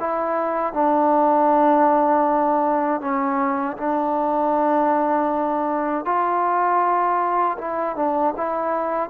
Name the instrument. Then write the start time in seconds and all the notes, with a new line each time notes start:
trombone
0.00 E4
0.73 D4
3.01 C#4
3.78 D4
6.06 F4
7.58 E4
7.96 D4
8.37 E4